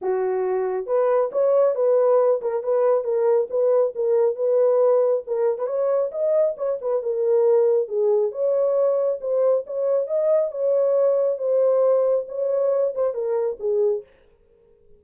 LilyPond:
\new Staff \with { instrumentName = "horn" } { \time 4/4 \tempo 4 = 137 fis'2 b'4 cis''4 | b'4. ais'8 b'4 ais'4 | b'4 ais'4 b'2 | ais'8. b'16 cis''4 dis''4 cis''8 b'8 |
ais'2 gis'4 cis''4~ | cis''4 c''4 cis''4 dis''4 | cis''2 c''2 | cis''4. c''8 ais'4 gis'4 | }